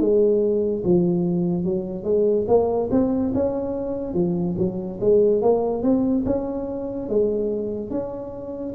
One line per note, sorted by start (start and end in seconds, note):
0.00 0.83 G#3
0.84 1.64 F3
1.64 2.04 F#3
2.04 2.46 G#3
2.48 2.89 A#3
2.91 3.33 C4
3.34 4.14 C#4
4.14 4.55 F3
4.58 5.00 F#3
5.01 5.42 G#3
5.42 5.83 A#3
5.83 6.24 C4
6.26 7.09 C#4
7.09 7.91 G#3
7.91 8.74 C#4